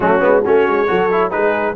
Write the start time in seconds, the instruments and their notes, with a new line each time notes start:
0.00 tuba F#3, trombone A3, horn C#4, trumpet F#4
0.20 tuba G#3, trombone B3
0.42 tuba A3, trombone C#4, horn F#4, trumpet C#5
0.67 tuba G#3
0.87 tuba F#3, trombone F#4, horn A4
1.11 trombone E4
1.30 tuba G#3, trombone D#4, horn G#4, trumpet B4